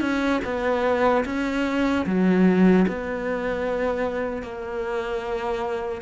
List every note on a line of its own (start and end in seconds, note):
0.00 0.40 C#4
0.44 1.24 B3
1.25 2.05 C#4
2.06 2.86 F#3
2.88 4.42 B3
4.42 6.01 A#3